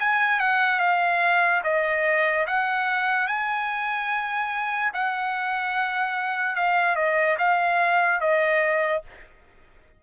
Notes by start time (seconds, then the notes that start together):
0.00 G#5
0.40 F#5
0.80 F5
1.64 D#5
2.47 F#5
3.27 G#5
4.94 F#5
6.56 F5
6.96 D#5
7.39 F5
8.20 D#5